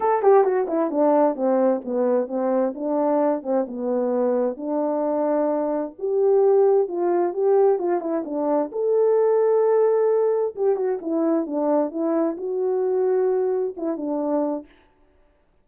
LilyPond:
\new Staff \with { instrumentName = "horn" } { \time 4/4 \tempo 4 = 131 a'8 g'8 fis'8 e'8 d'4 c'4 | b4 c'4 d'4. c'8 | b2 d'2~ | d'4 g'2 f'4 |
g'4 f'8 e'8 d'4 a'4~ | a'2. g'8 fis'8 | e'4 d'4 e'4 fis'4~ | fis'2 e'8 d'4. | }